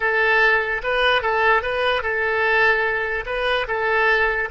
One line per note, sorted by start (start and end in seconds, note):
0.00 0.81 A4
0.83 1.21 B4
1.21 1.62 A4
1.62 2.02 B4
2.02 3.24 A4
3.26 3.66 B4
3.67 4.49 A4